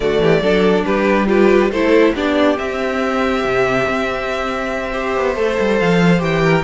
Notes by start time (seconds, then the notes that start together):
0.00 D3 A3 F#4 D5
0.19 E3 G4
0.41 F#3 D4 A4
0.84 G3 G4 B4
1.26 F4 G4 B4
1.70 A3 E4 A4 C5
2.15 B3 D4 G4 D5
2.56 C4 E5
3.44 C3
3.88 C4
4.92 G4 C5
5.17 B3
5.35 A3 A4
5.59 G3
5.78 F3 F5
6.18 E3 G4 G5
6.43 A#4